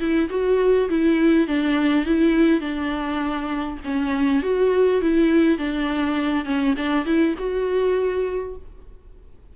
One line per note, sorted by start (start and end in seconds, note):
0.00 0.29 E4
0.30 0.89 F#4
0.90 1.48 E4
1.48 2.06 D4
2.06 2.61 E4
2.61 3.79 D4
3.85 4.43 C#4
4.43 5.02 F#4
5.02 5.58 E4
5.58 6.45 D4
6.45 6.75 C#4
6.77 7.06 D4
7.06 7.35 E4
7.38 8.56 F#4